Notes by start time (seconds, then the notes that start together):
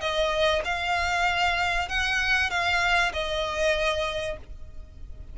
0.00 D#5
0.64 F5
1.88 F#5
2.50 F5
3.13 D#5